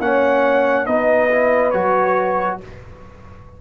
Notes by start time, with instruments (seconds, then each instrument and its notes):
0.00 tuba A#3, trombone C#4, horn C#5, trumpet F#5
0.87 tuba B3, trombone D#4, horn B4, trumpet D#5
1.31 trombone E4
1.71 tuba F#3, trombone F#4, trumpet C#5